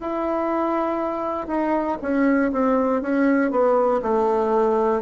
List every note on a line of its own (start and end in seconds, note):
0.00 1.47 E4
1.47 1.97 D#4
2.02 2.52 C#4
2.52 3.01 C4
3.01 3.51 C#4
3.51 4.01 B3
4.02 5.02 A3